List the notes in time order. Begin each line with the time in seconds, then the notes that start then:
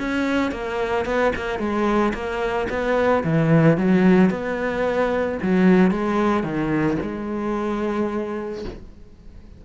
0.00 C#4
0.52 A#3
1.06 B3
1.36 A#3
1.59 G#3
2.14 A#3
2.70 B3
3.24 E3
3.78 F#3
4.30 B3
5.43 F#3
5.91 G#3
6.44 D#3
7.03 G#3